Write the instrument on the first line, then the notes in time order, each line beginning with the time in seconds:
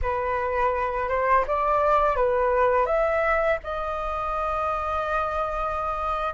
flute
0.02 B4
1.08 C5
1.47 D5
2.16 B4
2.86 E5
3.63 D#5